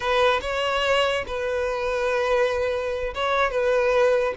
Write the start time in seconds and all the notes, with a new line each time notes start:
0.00 B4
0.41 C#5
1.26 B4
3.14 C#5
3.50 B4